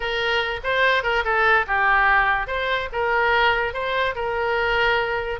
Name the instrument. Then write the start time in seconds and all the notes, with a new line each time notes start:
oboe
0.00 A#4
0.63 C5
1.03 A#4
1.24 A4
1.66 G4
2.47 C5
2.92 A#4
3.73 C5
4.15 A#4